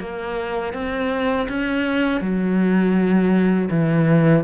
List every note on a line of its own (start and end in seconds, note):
0.00 0.74 A#3
0.74 1.48 C4
1.49 2.21 C#4
2.21 3.69 F#3
3.70 4.44 E3